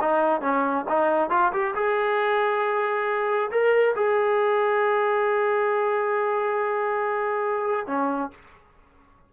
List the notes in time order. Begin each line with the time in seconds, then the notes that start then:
0.00 D#4
0.41 C#4
0.88 D#4
1.30 F4
1.52 G4
1.75 G#4
3.51 A#4
3.95 G#4
7.87 C#4